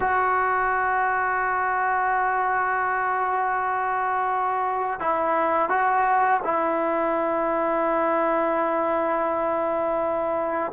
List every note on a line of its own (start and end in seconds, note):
0.00 4.99 F#4
4.99 5.69 E4
5.69 6.40 F#4
6.44 10.72 E4